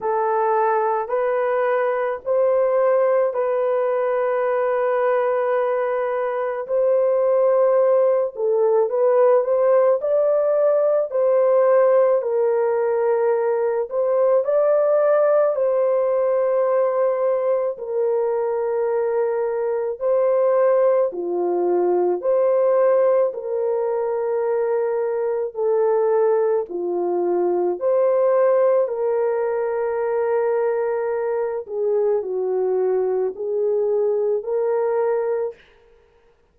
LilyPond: \new Staff \with { instrumentName = "horn" } { \time 4/4 \tempo 4 = 54 a'4 b'4 c''4 b'4~ | b'2 c''4. a'8 | b'8 c''8 d''4 c''4 ais'4~ | ais'8 c''8 d''4 c''2 |
ais'2 c''4 f'4 | c''4 ais'2 a'4 | f'4 c''4 ais'2~ | ais'8 gis'8 fis'4 gis'4 ais'4 | }